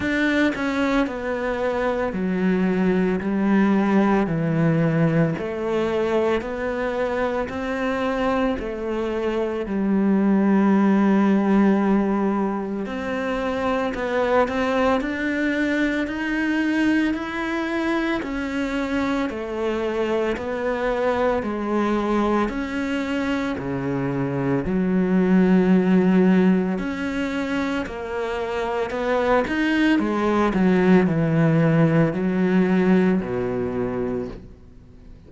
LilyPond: \new Staff \with { instrumentName = "cello" } { \time 4/4 \tempo 4 = 56 d'8 cis'8 b4 fis4 g4 | e4 a4 b4 c'4 | a4 g2. | c'4 b8 c'8 d'4 dis'4 |
e'4 cis'4 a4 b4 | gis4 cis'4 cis4 fis4~ | fis4 cis'4 ais4 b8 dis'8 | gis8 fis8 e4 fis4 b,4 | }